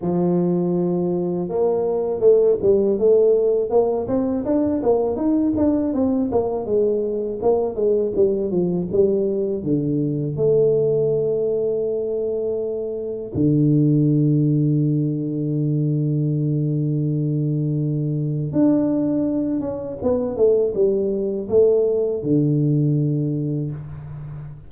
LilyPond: \new Staff \with { instrumentName = "tuba" } { \time 4/4 \tempo 4 = 81 f2 ais4 a8 g8 | a4 ais8 c'8 d'8 ais8 dis'8 d'8 | c'8 ais8 gis4 ais8 gis8 g8 f8 | g4 d4 a2~ |
a2 d2~ | d1~ | d4 d'4. cis'8 b8 a8 | g4 a4 d2 | }